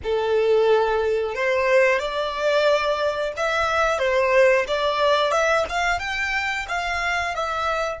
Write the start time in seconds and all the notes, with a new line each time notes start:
0.03 A4
1.35 C5
1.98 D5
3.36 E5
3.98 C5
4.67 D5
5.31 E5
5.69 F5
5.99 G5
6.68 F5
7.34 E5